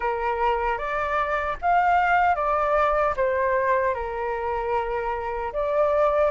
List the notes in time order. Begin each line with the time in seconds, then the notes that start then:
0.00 A#4
0.78 D5
1.61 F5
2.35 D5
3.16 C5
3.94 A#4
5.52 D5